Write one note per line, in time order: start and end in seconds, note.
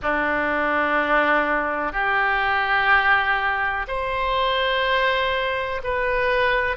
0.02 1.92 D4
1.92 3.85 G4
3.87 5.81 C5
5.83 6.76 B4